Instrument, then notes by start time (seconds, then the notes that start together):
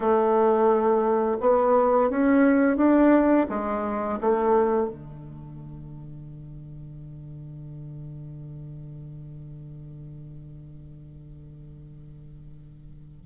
bassoon
0.00 A3
1.40 B3
2.10 C#4
2.76 D4
3.49 G#3
4.21 A3
4.89 D3